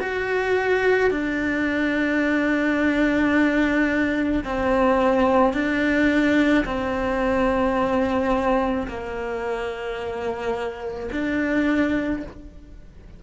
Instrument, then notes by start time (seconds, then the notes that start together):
cello
0.00 F#4
1.11 D4
4.44 C4
5.54 D4
6.66 C4
8.88 A#3
11.12 D4